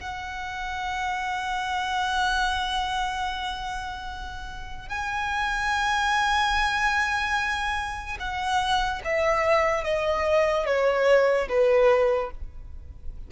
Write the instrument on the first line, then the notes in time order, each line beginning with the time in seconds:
violin
0.00 F#5
4.89 G#5
8.19 F#5
9.04 E5
9.84 D#5
10.66 C#5
11.48 B4